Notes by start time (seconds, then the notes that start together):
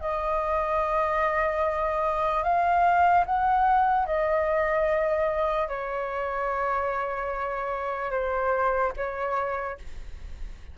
0.00 D#5
2.44 F5
3.26 F#5
4.06 D#5
5.68 C#5
8.11 C5
8.97 C#5